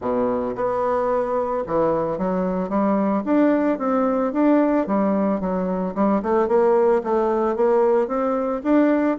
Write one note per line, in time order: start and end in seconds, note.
0.01 0.55 B2
0.55 1.63 B3
1.66 2.18 E3
2.18 2.69 F#3
2.69 3.23 G3
3.24 3.78 D4
3.78 4.32 C4
4.32 4.86 D4
4.86 5.40 G3
5.40 5.94 F#3
5.95 6.22 G3
6.22 6.47 A3
6.47 7.01 A#3
7.03 7.56 A3
7.56 8.07 A#3
8.07 8.61 C4
8.63 9.17 D4